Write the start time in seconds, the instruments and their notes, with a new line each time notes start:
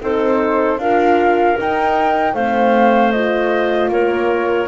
0.00 double bass C4, horn D#4, clarinet A4, flute C5
0.77 double bass D4, horn F4, clarinet A#4, flute F5
1.57 horn D#4, double bass D#4, flute G5
2.33 double bass A3, horn C4, clarinet C5, flute F5
3.11 horn F4, flute D#5
3.88 double bass A#3, clarinet A#4, flute C#5